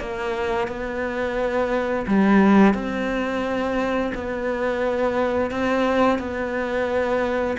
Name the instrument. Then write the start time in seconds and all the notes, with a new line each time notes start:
cello
0.00 A#3
0.68 B3
2.08 G3
2.74 C4
4.14 B3
5.51 C4
6.19 B3